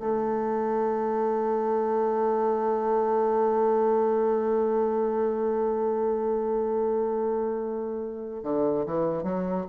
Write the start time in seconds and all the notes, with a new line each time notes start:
0.00 A3
8.44 D3
8.87 E3
9.24 F#3